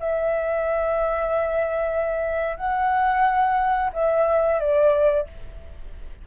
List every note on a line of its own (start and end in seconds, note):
0.00 2.57 E5
2.57 3.91 F#5
3.93 4.60 E5
4.60 5.27 D5